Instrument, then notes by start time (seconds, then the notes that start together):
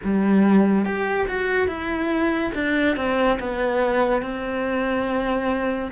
cello
0.03 G3
0.85 G4
1.28 F#4
1.67 E4
2.54 D4
2.96 C4
3.39 B3
4.22 C4